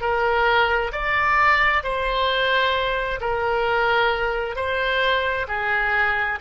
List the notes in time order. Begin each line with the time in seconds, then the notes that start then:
0.00 A#4
0.92 D5
1.83 C5
3.20 A#4
4.55 C5
5.48 G#4